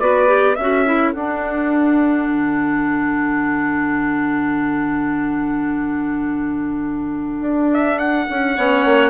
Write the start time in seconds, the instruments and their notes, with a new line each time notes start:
0.00 bassoon B3, clarinet F#4, violin B4, trumpet D5
0.27 clarinet G4
0.56 bassoon C#4, clarinet F#4, violin A4, trumpet E5
0.86 clarinet E4
1.12 bassoon D4, clarinet D4, trumpet F#5
2.29 bassoon D3
7.41 bassoon D4
7.74 trumpet E5
7.99 trumpet F#5
8.30 bassoon C#4
8.57 bassoon B3, clarinet C#4, violin C#5
8.85 bassoon A#3